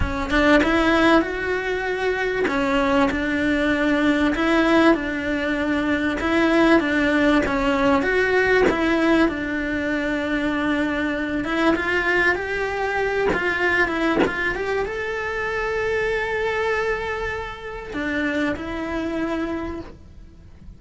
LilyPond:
\new Staff \with { instrumentName = "cello" } { \time 4/4 \tempo 4 = 97 cis'8 d'8 e'4 fis'2 | cis'4 d'2 e'4 | d'2 e'4 d'4 | cis'4 fis'4 e'4 d'4~ |
d'2~ d'8 e'8 f'4 | g'4. f'4 e'8 f'8 g'8 | a'1~ | a'4 d'4 e'2 | }